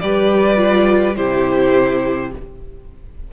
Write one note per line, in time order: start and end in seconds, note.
0.00 1.18 G3
0.00 0.56 G4
0.00 1.16 B4
0.00 1.15 D5
0.56 1.13 F4
1.16 2.33 C3
1.16 2.31 E4
1.16 2.32 G4
1.16 2.31 C5